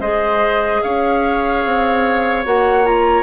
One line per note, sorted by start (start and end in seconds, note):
0.00 0.81 G#3
0.00 2.45 G#4
0.00 0.81 C5
0.00 0.82 D#5
0.82 1.65 C#4
0.82 3.23 C#5
0.82 2.44 F5
1.65 2.45 C4
2.45 3.23 A#3
2.45 2.84 F#4
2.45 2.86 F#5
2.84 3.23 F4
2.84 3.23 A#5